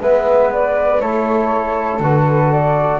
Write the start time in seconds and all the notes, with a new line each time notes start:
0.00 G#3 B3 B4 E5
0.52 D5
1.00 A3 E4 A4 C#5
1.99 D3 F#4 B4
2.52 D5